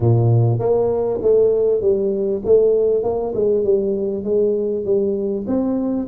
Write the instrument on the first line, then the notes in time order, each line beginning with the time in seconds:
tuba
0.00 A#2
0.59 A#3
1.21 A3
1.81 G3
2.44 A3
3.03 A#3
3.34 G#3
3.64 G3
4.24 G#3
4.85 G3
5.47 C4